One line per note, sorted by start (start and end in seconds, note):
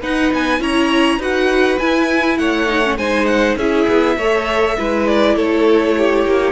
0.00 0.59 D#4
0.00 0.32 D#4
0.00 0.59 B4
0.00 0.33 F#5
0.33 0.59 B3
0.33 0.62 G#5
0.59 1.18 C#4
0.59 1.19 E4
0.59 1.18 C#5
0.59 1.22 A#5
1.18 1.77 D#4
1.18 1.79 F#4
1.18 2.37 B4
1.18 1.79 F#5
1.79 2.39 E4
1.79 2.67 E4
1.79 2.38 G#5
2.38 2.97 A3
2.38 2.98 C#5
2.38 2.97 F#5
2.67 2.82 D#4
2.83 2.98 C#4
2.97 3.56 G#3
2.97 3.58 D#4
2.97 3.57 C5
2.97 3.26 G#5
3.26 3.55 F#5
3.56 3.86 C#4
3.56 4.19 E4
3.56 4.17 G#4
3.56 5.07 E5
3.87 4.17 B3
4.17 4.76 A3
4.17 4.77 A4
4.17 4.76 C#5
4.77 5.36 G#3
4.77 6.52 E4
4.77 5.36 B4
5.07 5.36 D5
5.36 6.25 A3
5.36 5.95 A4
5.36 6.52 C#5
5.97 6.52 G4
6.25 6.52 A#3